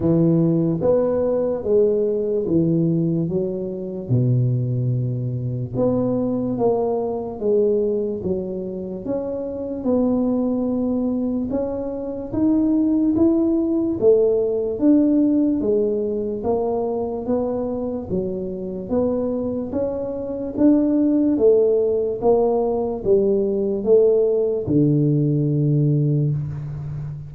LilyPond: \new Staff \with { instrumentName = "tuba" } { \time 4/4 \tempo 4 = 73 e4 b4 gis4 e4 | fis4 b,2 b4 | ais4 gis4 fis4 cis'4 | b2 cis'4 dis'4 |
e'4 a4 d'4 gis4 | ais4 b4 fis4 b4 | cis'4 d'4 a4 ais4 | g4 a4 d2 | }